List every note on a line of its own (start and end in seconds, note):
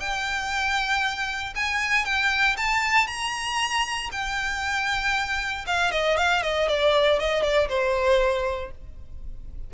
0.00 1.54 G5
1.56 2.05 G#5
2.05 2.56 G5
2.57 3.07 A5
3.07 4.10 A#5
4.12 5.65 G5
5.66 5.91 F5
5.91 6.17 D#5
6.17 6.42 F5
6.42 6.68 D#5
6.69 7.19 D5
7.19 7.43 D#5
7.43 7.68 D5
7.69 8.71 C5